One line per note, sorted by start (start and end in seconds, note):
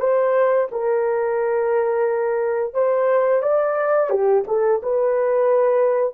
0.00 0.68 C5
0.72 2.74 A#4
2.74 3.42 C5
3.42 4.10 D5
4.10 4.44 G4
4.48 4.82 A4
4.83 6.14 B4